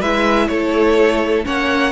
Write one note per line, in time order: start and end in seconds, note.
0.00 0.49 G#3
0.00 1.45 E4
0.00 0.48 B4
0.00 0.48 E5
0.48 1.45 A3
0.48 1.46 A4
0.48 1.44 C#5
1.45 1.92 A#3
1.45 1.92 C#4
1.45 1.92 C#5
1.45 1.92 F#5